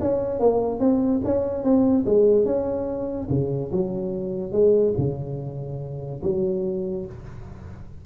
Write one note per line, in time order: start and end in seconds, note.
0.00 0.39 C#4
0.39 0.79 A#3
0.79 1.21 C4
1.24 1.63 C#4
1.63 2.04 C4
2.05 2.45 G#3
2.45 3.27 C#4
3.29 3.71 C#3
3.71 4.52 F#3
4.52 4.93 G#3
4.97 6.21 C#3
6.22 7.05 F#3